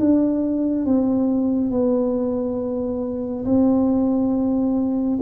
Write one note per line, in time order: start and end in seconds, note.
0.00 0.86 D4
0.86 1.71 C4
1.71 3.45 B3
3.45 5.19 C4